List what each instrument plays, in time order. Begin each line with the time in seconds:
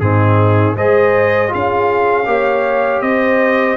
0.00 tuba G#2, trombone C4, horn D#4, trumpet G#4
0.75 tuba G#3, trombone G#4, horn C5, trumpet D#5
1.48 trombone F4, horn G#4, trumpet F5
1.54 tuba C#4
2.26 tuba A#3, trombone G4, horn C#5
3.02 tuba C4, horn C5, trumpet D#5